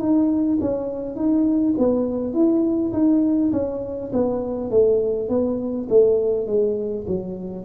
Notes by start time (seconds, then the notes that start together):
0.00 D#4
0.61 C#4
1.16 D#4
1.78 B3
2.34 E4
2.93 D#4
3.53 C#4
4.13 B3
4.71 A3
5.29 B3
5.90 A3
6.48 G#3
7.07 F#3